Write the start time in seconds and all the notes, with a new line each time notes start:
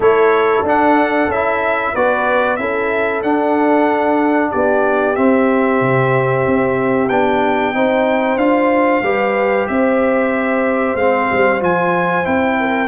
0.00 A3 E4 A4 C#5
0.62 D4 F#5
1.27 C#4 E4 E5
1.93 B3 F#4 B4 D5
2.56 C#4 E4 A4 E5
3.22 D4 F#5
4.51 B3 G4 D5
5.15 C4 E5
5.81 C3
6.45 C4
7.08 B3 D4 G5
7.74 C4 D#4 C5
8.36 D4 F4 F5
9.02 G3 G4 B4
9.67 C4 C5 E5
10.94 G#3 C4 F5
11.31 G3
11.59 F3 F4 G#5
12.24 C4 E4 G5
12.60 A#4